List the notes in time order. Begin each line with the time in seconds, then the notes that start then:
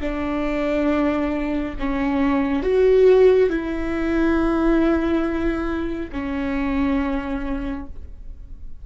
0.00 D4
1.79 C#4
2.62 F#4
3.49 E4
6.12 C#4